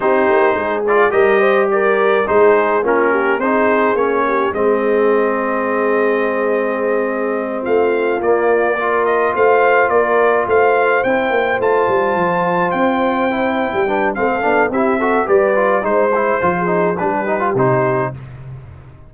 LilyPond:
<<
  \new Staff \with { instrumentName = "trumpet" } { \time 4/4 \tempo 4 = 106 c''4. d''8 dis''4 d''4 | c''4 ais'4 c''4 cis''4 | dis''1~ | dis''4. f''4 d''4. |
dis''8 f''4 d''4 f''4 g''8~ | g''8 a''2 g''4.~ | g''4 f''4 e''4 d''4 | c''2 b'4 c''4 | }
  \new Staff \with { instrumentName = "horn" } { \time 4/4 g'4 gis'4 ais'8 c''8 ais'4 | gis'4 f'8 g'8 gis'4. g'8 | gis'1~ | gis'4. f'2 ais'8~ |
ais'8 c''4 ais'4 c''4.~ | c''1~ | c''8 b'8 a'4 g'8 a'8 b'4 | c''4~ c''16 gis'8. g'2 | }
  \new Staff \with { instrumentName = "trombone" } { \time 4/4 dis'4. f'8 g'2 | dis'4 cis'4 dis'4 cis'4 | c'1~ | c'2~ c'8 ais4 f'8~ |
f'2.~ f'8 e'8~ | e'8 f'2. e'8~ | e'8 d'8 c'8 d'8 e'8 fis'8 g'8 f'8 | dis'8 e'8 f'8 dis'8 d'8 dis'16 f'16 dis'4 | }
  \new Staff \with { instrumentName = "tuba" } { \time 4/4 c'8 ais8 gis4 g2 | gis4 ais4 c'4 ais4 | gis1~ | gis4. a4 ais4.~ |
ais8 a4 ais4 a4 c'8 | ais8 a8 g8 f4 c'4.~ | c'16 g8. a8 b8 c'4 g4 | gis4 f4 g4 c4 | }
>>